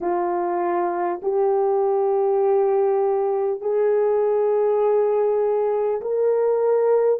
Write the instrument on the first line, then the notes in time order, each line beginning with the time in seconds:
horn
0.00 F4
1.22 G4
3.61 G#4
6.01 A#4